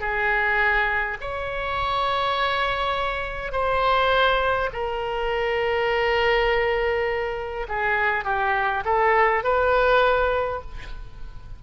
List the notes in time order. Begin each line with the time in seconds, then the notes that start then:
0.00 G#4
1.21 C#5
3.52 C5
4.73 A#4
7.69 G#4
8.25 G4
8.85 A4
9.44 B4